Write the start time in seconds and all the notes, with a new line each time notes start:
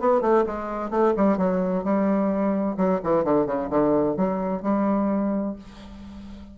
0.00 B3
0.21 A3
0.47 G#3
0.90 A3
1.17 G3
1.38 F#3
1.84 G3
2.77 F#3
3.04 E3
3.24 D3
3.47 C#3
3.70 D3
4.17 F#3
4.63 G3